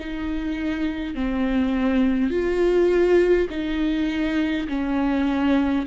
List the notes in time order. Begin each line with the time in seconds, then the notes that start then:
0.00 D#4
1.15 C4
2.30 F4
3.50 D#4
4.68 C#4